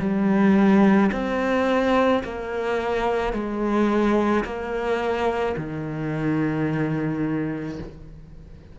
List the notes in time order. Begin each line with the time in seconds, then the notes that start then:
0.00 G3
1.12 C4
2.24 A#3
3.33 G#3
4.45 A#3
5.57 D#3